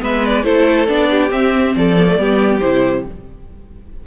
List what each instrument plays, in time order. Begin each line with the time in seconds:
0.00 cello G#3, viola B3, violin B4 E5
0.25 violin D5
0.44 cello A3, viola E4, violin A4 C5
0.87 cello B3, viola D4, violin D5
1.10 violin G4
1.30 viola C4, cello C4, violin E5
1.75 cello F3, violin A4 D5
1.98 viola B3
2.08 viola A3
2.17 cello G3, viola B3, violin G4
2.60 cello C3, viola E4, violin C5